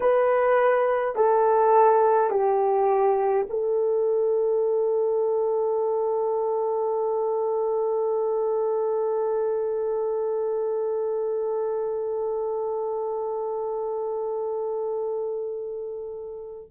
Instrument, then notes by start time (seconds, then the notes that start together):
horn
0.00 B4
1.15 A4
2.30 G4
3.49 A4